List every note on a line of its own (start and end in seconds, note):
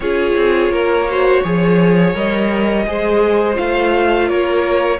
0.00 0.34 C#4
0.00 1.08 F4
0.00 0.72 G#4
0.00 2.14 C#5
0.35 0.69 C4
0.69 1.40 A#3
0.69 1.08 A#4
1.09 1.44 F#4
1.09 1.43 C5
1.43 2.14 F3
1.43 2.14 G#4
1.43 2.85 C#5
2.14 2.85 G3
2.14 2.85 A#4
2.14 3.57 D#5
2.86 3.57 G#3
2.86 3.53 G#4
2.86 4.28 C5
3.53 4.29 A3
3.53 4.96 F4
3.53 4.28 F5
4.28 4.99 A#3
4.28 4.99 A#4
4.28 4.99 C#5